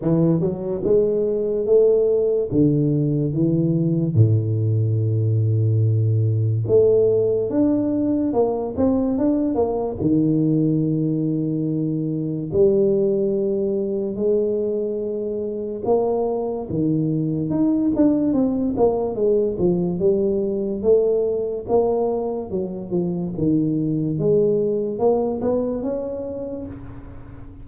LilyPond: \new Staff \with { instrumentName = "tuba" } { \time 4/4 \tempo 4 = 72 e8 fis8 gis4 a4 d4 | e4 a,2. | a4 d'4 ais8 c'8 d'8 ais8 | dis2. g4~ |
g4 gis2 ais4 | dis4 dis'8 d'8 c'8 ais8 gis8 f8 | g4 a4 ais4 fis8 f8 | dis4 gis4 ais8 b8 cis'4 | }